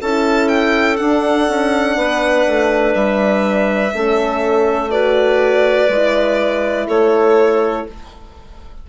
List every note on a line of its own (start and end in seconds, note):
0.00 1.00 C#4
0.00 0.97 E4
0.00 1.96 A4
0.00 0.48 A5
0.48 0.97 G5
0.97 3.92 D4
0.97 1.48 D4
0.97 2.93 F#5
1.48 1.96 C#4
1.96 2.45 B3
1.96 3.93 B4
2.47 2.94 A3
2.94 3.93 G3
2.94 4.90 E5
3.92 5.88 A3
3.92 4.91 C#4
3.92 4.91 A4
4.90 5.89 F#4
4.90 6.87 B4
4.90 6.87 D5
5.88 6.87 G#3
5.88 7.89 E4
6.87 7.86 A3
6.87 7.85 A4
6.87 7.87 C#5